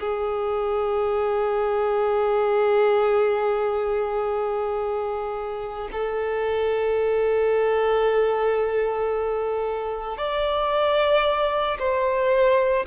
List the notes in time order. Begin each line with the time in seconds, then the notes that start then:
0.00 G#4
5.92 A4
10.17 D5
11.79 C5